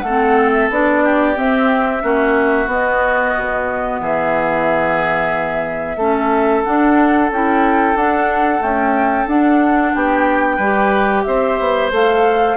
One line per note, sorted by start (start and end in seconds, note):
0.00 0.68 A3
0.00 1.03 A4
0.00 0.49 F#5
0.07 0.71 C4
0.52 0.69 E5
0.70 1.36 B3
0.70 1.35 D4
0.70 1.37 D5
1.03 2.02 G4
1.35 2.01 C4
1.35 2.02 C4
1.35 2.69 E5
2.01 2.66 A#3
2.01 2.66 C#4
2.01 4.00 F#4
2.66 3.32 B3
2.66 5.97 B3
2.66 4.00 D#5
3.37 4.00 B2
4.00 5.96 E3
4.00 5.97 G#4
4.00 6.64 E5
5.96 6.62 A3
5.96 6.64 C#4
5.96 9.92 A4
6.64 7.30 D4
6.64 7.31 D4
6.64 7.30 F#5
7.31 7.95 C#4
7.31 7.95 E4
7.31 7.96 G5
7.95 8.61 D4
7.95 8.58 D4
7.95 8.61 F#5
8.58 9.24 A3
8.58 9.27 C#4
8.58 9.27 G5
9.27 9.93 D4
9.27 10.60 D4
9.27 9.94 F#5
9.94 10.58 B3
9.94 10.56 G4
9.94 11.23 G5
10.56 11.24 G3
10.56 11.91 G4
10.56 11.22 B4
11.23 11.59 C4
11.23 12.57 C5
11.23 11.89 E5
11.59 11.91 B3
11.91 12.57 A3
11.91 12.57 A4
11.91 12.57 F5